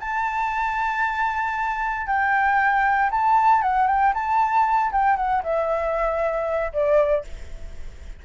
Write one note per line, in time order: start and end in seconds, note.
0.00 2.07 A5
2.07 3.10 G5
3.11 3.62 A5
3.62 3.87 F#5
3.87 4.13 G5
4.14 4.92 A5
4.92 5.17 G5
5.17 5.42 F#5
5.43 6.73 E5
6.73 7.25 D5